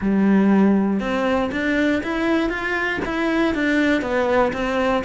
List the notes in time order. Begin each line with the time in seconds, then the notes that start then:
0.01 G3
1.00 C4
1.51 D4
2.03 E4
2.49 F4
3.05 E4
3.54 D4
4.01 B3
4.52 C4